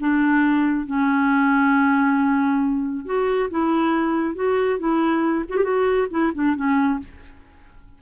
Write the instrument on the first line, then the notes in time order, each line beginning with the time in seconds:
clarinet
0.00 D4
0.86 C#4
3.06 F#4
3.50 E4
4.35 F#4
4.79 E4
5.49 F#4
5.57 G4
5.64 F#4
6.11 E4
6.34 D4
6.56 C#4